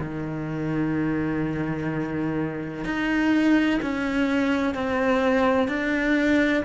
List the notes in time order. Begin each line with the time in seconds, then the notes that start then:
0.00 D#3
2.85 D#4
3.83 C#4
4.75 C4
5.68 D4